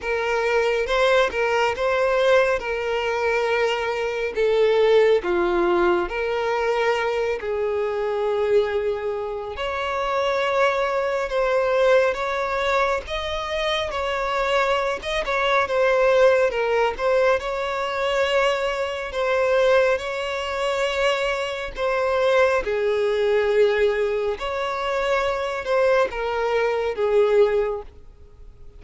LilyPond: \new Staff \with { instrumentName = "violin" } { \time 4/4 \tempo 4 = 69 ais'4 c''8 ais'8 c''4 ais'4~ | ais'4 a'4 f'4 ais'4~ | ais'8 gis'2~ gis'8 cis''4~ | cis''4 c''4 cis''4 dis''4 |
cis''4~ cis''16 dis''16 cis''8 c''4 ais'8 c''8 | cis''2 c''4 cis''4~ | cis''4 c''4 gis'2 | cis''4. c''8 ais'4 gis'4 | }